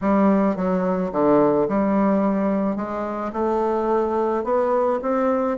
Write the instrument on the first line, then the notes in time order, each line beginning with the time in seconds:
bassoon
0.01 G3
0.56 F#3
1.12 D3
1.68 G3
2.76 G#3
3.33 A3
4.44 B3
5.02 C4